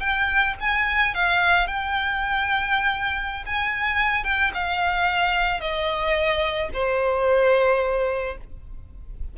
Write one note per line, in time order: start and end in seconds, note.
0.00 0.55 G5
0.60 1.15 G#5
1.15 1.67 F5
1.67 3.45 G5
3.46 4.24 G#5
4.24 4.51 G5
4.54 5.61 F5
5.61 6.70 D#5
6.74 8.37 C5